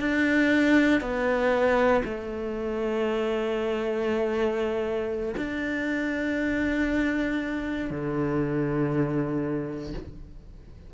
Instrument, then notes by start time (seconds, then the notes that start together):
cello
0.00 D4
1.01 B3
2.05 A3
5.37 D4
7.90 D3